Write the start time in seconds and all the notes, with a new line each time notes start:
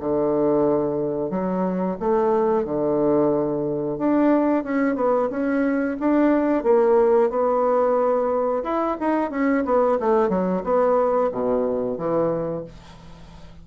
0.00 D3
1.30 F#3
2.00 A3
2.65 D3
3.98 D4
4.64 C#4
4.96 B3
5.30 C#4
6.00 D4
6.64 A#3
7.30 B3
8.64 E4
9.00 D#4
9.31 C#4
9.65 B3
10.00 A3
10.29 F#3
10.64 B3
11.32 B2
11.98 E3